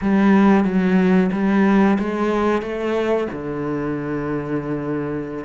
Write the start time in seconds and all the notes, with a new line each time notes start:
0.01 G3
0.64 F#3
1.32 G3
1.99 G#3
2.61 A3
3.32 D3